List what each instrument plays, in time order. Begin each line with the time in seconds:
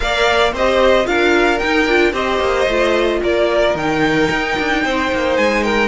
0.00 cello A#3, viola A#4, violin D5 F5
0.52 cello C4, viola G4, violin C5 D#5
1.04 cello D4, viola F4, violin A#4 F5
1.58 viola D#4, cello D#4, violin G5
1.86 cello D4, viola F4
2.12 cello C4, viola G4, violin C5 D#5
2.39 cello A#3
2.66 cello A3, viola F4
3.22 cello A#3, violin A#4 D5
3.74 cello D#3, viola D#4, violin G5
4.30 cello D#4
4.58 cello D4
4.84 cello C4, violin C5
5.11 cello A#3
5.36 cello G#3, violin G#5
5.63 violin A#4 G5